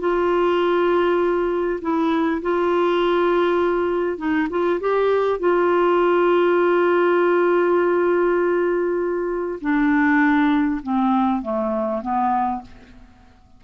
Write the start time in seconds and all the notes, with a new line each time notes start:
0.00 F4
1.82 E4
2.42 F4
4.18 D#4
4.50 F4
4.80 G4
5.40 F4
9.61 D4
10.83 C4
11.42 A3
12.02 B3